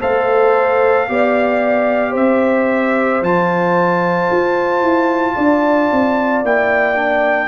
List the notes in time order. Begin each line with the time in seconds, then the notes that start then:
0.00 A3 A4 C5 F5
1.08 B3 G4 D5
2.11 C4 C5 E5
3.22 F3 F4 A5
4.31 F4
4.81 E4
5.35 D4 D5
5.92 C4
6.43 A#3 E4 G5
6.95 D4